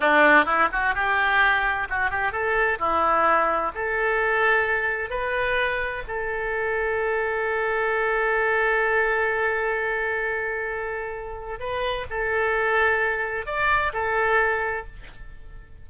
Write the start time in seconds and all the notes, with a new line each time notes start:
0.00 D4
0.45 E4
0.71 F#4
0.95 G4
1.89 F#4
2.10 G4
2.32 A4
2.79 E4
3.74 A4
5.10 B4
6.07 A4
11.59 B4
12.10 A4
13.45 D5
13.93 A4